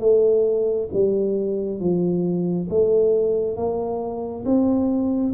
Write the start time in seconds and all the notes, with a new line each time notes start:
0.00 A3
0.93 G3
1.80 F3
2.70 A3
3.56 A#3
4.45 C4